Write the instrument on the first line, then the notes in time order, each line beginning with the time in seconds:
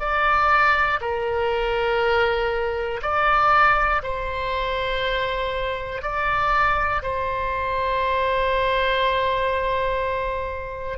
oboe
0.00 D5
1.00 A#4
3.02 D5
4.03 C5
6.02 D5
7.03 C5